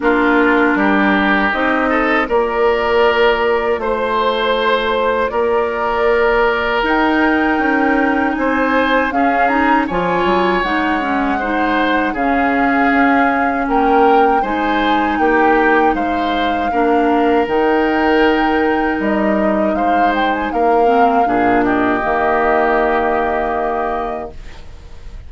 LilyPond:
<<
  \new Staff \with { instrumentName = "flute" } { \time 4/4 \tempo 4 = 79 ais'2 dis''4 d''4~ | d''4 c''2 d''4~ | d''4 g''2 gis''4 | f''8 ais''8 gis''4 fis''2 |
f''2 g''4 gis''4 | g''4 f''2 g''4~ | g''4 dis''4 f''8 g''16 gis''16 f''4~ | f''8 dis''2.~ dis''8 | }
  \new Staff \with { instrumentName = "oboe" } { \time 4/4 f'4 g'4. a'8 ais'4~ | ais'4 c''2 ais'4~ | ais'2. c''4 | gis'4 cis''2 c''4 |
gis'2 ais'4 c''4 | g'4 c''4 ais'2~ | ais'2 c''4 ais'4 | gis'8 g'2.~ g'8 | }
  \new Staff \with { instrumentName = "clarinet" } { \time 4/4 d'2 dis'4 f'4~ | f'1~ | f'4 dis'2. | cis'8 dis'8 f'4 dis'8 cis'8 dis'4 |
cis'2. dis'4~ | dis'2 d'4 dis'4~ | dis'2.~ dis'8 c'8 | d'4 ais2. | }
  \new Staff \with { instrumentName = "bassoon" } { \time 4/4 ais4 g4 c'4 ais4~ | ais4 a2 ais4~ | ais4 dis'4 cis'4 c'4 | cis'4 f8 fis8 gis2 |
cis4 cis'4 ais4 gis4 | ais4 gis4 ais4 dis4~ | dis4 g4 gis4 ais4 | ais,4 dis2. | }
>>